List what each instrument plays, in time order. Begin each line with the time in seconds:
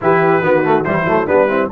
0.01 tuba E3, trombone E4, horn G4, trumpet B4
0.42 tuba D#3, trombone B3, horn F#4
0.63 trombone A3
0.84 tuba E3, trombone G3, horn E4, trumpet C5
1.05 tuba F#3, trombone A3
1.26 tuba G3, trombone B3, horn D4, trumpet B4
1.48 trombone C4, horn E4